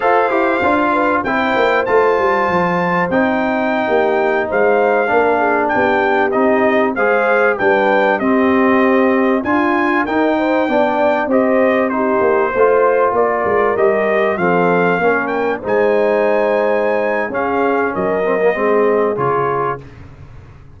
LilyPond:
<<
  \new Staff \with { instrumentName = "trumpet" } { \time 4/4 \tempo 4 = 97 f''2 g''4 a''4~ | a''4 g''2~ g''16 f''8.~ | f''4~ f''16 g''4 dis''4 f''8.~ | f''16 g''4 dis''2 gis''8.~ |
gis''16 g''2 dis''4 c''8.~ | c''4~ c''16 d''4 dis''4 f''8.~ | f''8. g''8 gis''2~ gis''8. | f''4 dis''2 cis''4 | }
  \new Staff \with { instrumentName = "horn" } { \time 4/4 c''4. b'8 c''2~ | c''2~ c''16 g'4 c''8.~ | c''16 ais'8 gis'8 g'2 c''8.~ | c''16 b'4 g'2 f'8.~ |
f'16 ais'8 c''8 d''4 c''4 g'8.~ | g'16 c''4 ais'2 a'8.~ | a'16 ais'4 c''2~ c''8. | gis'4 ais'4 gis'2 | }
  \new Staff \with { instrumentName = "trombone" } { \time 4/4 a'8 g'8 f'4 e'4 f'4~ | f'4 dis'2.~ | dis'16 d'2 dis'4 gis'8.~ | gis'16 d'4 c'2 f'8.~ |
f'16 dis'4 d'4 g'4 dis'8.~ | dis'16 f'2 g'4 c'8.~ | c'16 cis'4 dis'2~ dis'8. | cis'4. c'16 ais16 c'4 f'4 | }
  \new Staff \with { instrumentName = "tuba" } { \time 4/4 f'8 e'8 d'4 c'8 ais8 a8 g8 | f4 c'4~ c'16 ais4 gis8.~ | gis16 ais4 b4 c'4 gis8.~ | gis16 g4 c'2 d'8.~ |
d'16 dis'4 b4 c'4. ais16~ | ais16 a4 ais8 gis8 g4 f8.~ | f16 ais4 gis2~ gis8. | cis'4 fis4 gis4 cis4 | }
>>